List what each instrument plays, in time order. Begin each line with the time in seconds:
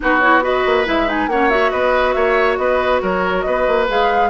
0.00 bassoon B3, clarinet D#4, oboe F#4, flute B4
0.19 clarinet E4, flute C#5
0.41 clarinet F#4, oboe B4, flute D#5
0.65 bassoon A#3
0.85 bassoon G#3, clarinet E4, flute E5
1.06 clarinet D#4, flute G#5
1.27 bassoon A#3, clarinet C#4, oboe C#5, flute F#5
1.50 clarinet F#4, flute E5
1.71 bassoon B3, oboe B4, flute D#5
2.13 bassoon A#3, oboe C#5, flute E5
2.56 bassoon B3, oboe B4, flute D#5
3.02 bassoon F#3, oboe A#4, flute C#5
3.41 bassoon B3, oboe B4, flute D#5
3.67 bassoon A#3
3.88 bassoon G#3, clarinet G#4, flute F5